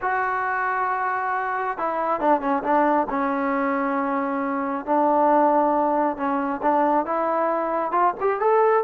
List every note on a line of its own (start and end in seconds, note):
0.01 1.77 F#4
1.78 2.20 E4
2.20 2.40 D4
2.40 2.62 C#4
2.63 3.07 D4
3.09 4.85 C#4
4.85 6.16 D4
6.16 6.61 C#4
6.62 7.05 D4
7.05 7.91 E4
7.91 8.13 F4
8.20 8.40 G4
8.40 8.84 A4